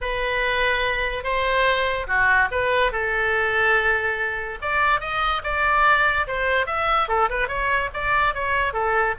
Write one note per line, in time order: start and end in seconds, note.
0.01 1.23 B4
1.23 2.06 C5
2.07 2.48 F#4
2.51 2.92 B4
2.92 4.58 A4
4.61 5.00 D5
5.00 5.42 D#5
5.43 6.27 D5
6.27 6.66 C5
6.66 7.08 E5
7.08 7.29 A4
7.29 7.48 B4
7.48 7.89 C#5
7.93 8.34 D5
8.34 8.73 C#5
8.73 9.15 A4